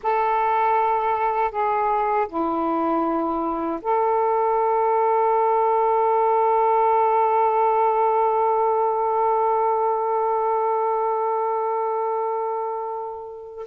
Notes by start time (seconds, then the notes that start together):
0.02 A4
1.51 G#4
2.28 E4
3.81 A4